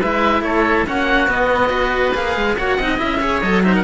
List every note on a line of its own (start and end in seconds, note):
0.00 0.42 G#3
0.00 0.86 E4
0.00 0.43 B4
0.00 0.43 E5
0.42 0.84 A3
0.42 0.87 A4
0.42 0.85 C#5
0.86 1.30 A#3
0.86 1.28 C#4
0.86 1.70 F#4
0.86 1.30 F#5
1.28 1.70 B3
1.28 2.15 B3
1.28 2.15 D#5
1.70 2.12 F#4
1.70 2.55 B4
2.14 2.36 A#3
2.14 2.57 G#4
2.14 2.57 F5
2.36 2.57 G#3
2.57 2.79 A#3
2.57 2.80 F#4
2.57 2.77 C#5
2.57 2.99 F#5
2.77 3.00 C4
2.77 2.97 D#4
2.77 3.20 D#5
2.97 3.42 C#4
2.97 3.19 E4
2.97 3.41 E5
3.20 3.42 G#4
3.20 3.63 C#5
3.41 3.84 F#3
3.41 3.63 A4
3.41 3.62 D#5
3.63 3.84 D#4
3.63 3.75 C5
3.63 3.74 E5
3.75 3.84 A#4
3.75 3.84 F#5